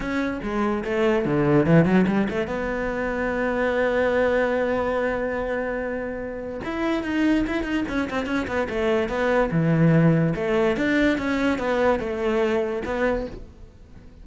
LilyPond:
\new Staff \with { instrumentName = "cello" } { \time 4/4 \tempo 4 = 145 cis'4 gis4 a4 d4 | e8 fis8 g8 a8 b2~ | b1~ | b1 |
e'4 dis'4 e'8 dis'8 cis'8 c'8 | cis'8 b8 a4 b4 e4~ | e4 a4 d'4 cis'4 | b4 a2 b4 | }